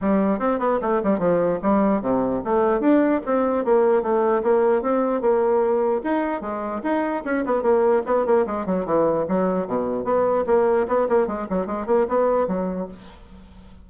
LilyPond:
\new Staff \with { instrumentName = "bassoon" } { \time 4/4 \tempo 4 = 149 g4 c'8 b8 a8 g8 f4 | g4 c4 a4 d'4 | c'4 ais4 a4 ais4 | c'4 ais2 dis'4 |
gis4 dis'4 cis'8 b8 ais4 | b8 ais8 gis8 fis8 e4 fis4 | b,4 b4 ais4 b8 ais8 | gis8 fis8 gis8 ais8 b4 fis4 | }